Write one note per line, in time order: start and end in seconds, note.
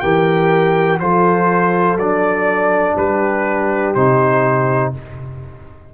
0.00 1.00 E3
0.00 1.00 G4
0.00 1.01 A#4
0.00 0.98 G5
1.00 1.96 F3
1.00 1.99 F4
1.00 2.97 A4
1.00 1.98 C5
1.96 2.95 F#3
1.96 3.96 D4
1.96 2.97 D5
2.97 3.95 G3
2.97 4.94 G4
2.97 3.94 B4
3.94 4.94 C3
3.94 4.94 D#4
3.94 4.93 C5